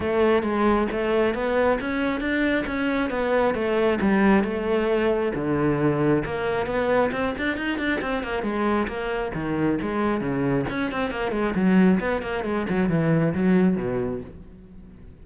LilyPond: \new Staff \with { instrumentName = "cello" } { \time 4/4 \tempo 4 = 135 a4 gis4 a4 b4 | cis'4 d'4 cis'4 b4 | a4 g4 a2 | d2 ais4 b4 |
c'8 d'8 dis'8 d'8 c'8 ais8 gis4 | ais4 dis4 gis4 cis4 | cis'8 c'8 ais8 gis8 fis4 b8 ais8 | gis8 fis8 e4 fis4 b,4 | }